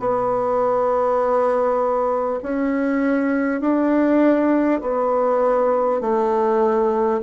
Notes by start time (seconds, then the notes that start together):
0.00 B3
2.43 C#4
3.61 D4
4.81 B3
6.01 A3